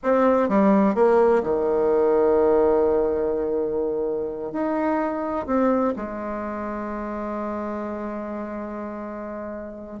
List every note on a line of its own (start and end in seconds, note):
0.03 0.48 C4
0.48 0.94 G3
0.94 1.42 A#3
1.43 4.52 D#3
4.52 5.46 D#4
5.46 5.94 C4
5.96 10.00 G#3